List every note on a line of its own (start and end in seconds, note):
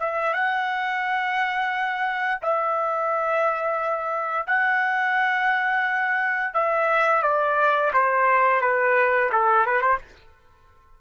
0.00 0.34 E5
0.34 2.41 F#5
2.43 4.47 E5
4.47 6.54 F#5
6.54 7.23 E5
7.23 7.92 D5
7.94 8.61 C5
8.61 9.30 B4
9.33 9.66 A4
9.66 9.82 B4
9.82 9.99 C5